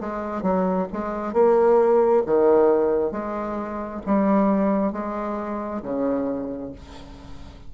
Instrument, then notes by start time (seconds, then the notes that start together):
bassoon
0.00 G#3
0.42 F#3
0.92 G#3
1.33 A#3
2.26 D#3
3.11 G#3
4.05 G3
4.92 G#3
5.82 C#3